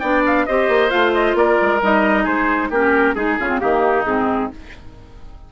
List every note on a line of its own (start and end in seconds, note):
0.00 0.47 B3
0.00 0.48 D4
0.00 0.45 D5
0.00 0.22 G5
0.27 0.46 F5
0.46 0.69 C4
0.46 0.90 G4
0.46 1.38 C5
0.46 0.91 D#5
0.69 0.91 A#3
0.90 1.35 A3
0.90 1.79 F4
0.90 1.13 F5
1.14 1.37 D#5
1.35 1.57 A#3
1.35 2.24 A#4
1.35 1.82 D5
1.62 1.82 G#3
1.82 2.26 G3
1.82 2.73 D#4
1.82 2.27 D#5
2.24 2.70 G#3
2.24 2.69 G#4
2.24 2.72 C5
2.70 3.15 A#3
2.70 3.16 C#4
2.70 3.15 G4
2.70 3.15 A#4
3.15 3.38 G#3
3.15 3.39 D#4
3.15 3.38 G#4
3.15 3.60 G#4
3.40 3.63 C#3
3.40 3.49 C#4
3.40 3.61 F4
3.49 3.60 C4
3.60 4.06 D#3
3.60 4.04 A#3
3.60 4.53 D#4
3.60 4.06 G4
4.06 4.51 G#2
4.06 4.51 C4
4.06 4.52 G#4